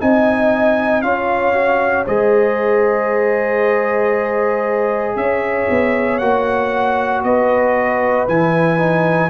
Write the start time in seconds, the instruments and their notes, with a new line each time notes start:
0.00 tuba C4, trombone D#4, horn D#5, trumpet G#5
1.02 tuba C#4, trombone F4, horn C#5, trumpet F5
1.54 trombone F#4
2.06 tuba G#3, trombone G#4, horn C5, trumpet D#5
5.16 tuba C#4, horn C#5, trumpet E5
5.70 tuba B3
6.18 tuba A#3, trombone F#4, trumpet F#5
7.24 tuba B3, horn B4, trumpet D#5
8.28 tuba E3, trombone E4, trumpet G#5
8.78 trombone D#4